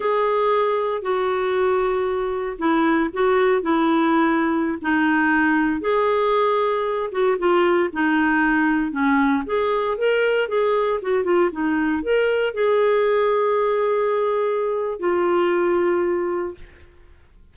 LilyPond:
\new Staff \with { instrumentName = "clarinet" } { \time 4/4 \tempo 4 = 116 gis'2 fis'2~ | fis'4 e'4 fis'4 e'4~ | e'4~ e'16 dis'2 gis'8.~ | gis'4.~ gis'16 fis'8 f'4 dis'8.~ |
dis'4~ dis'16 cis'4 gis'4 ais'8.~ | ais'16 gis'4 fis'8 f'8 dis'4 ais'8.~ | ais'16 gis'2.~ gis'8.~ | gis'4 f'2. | }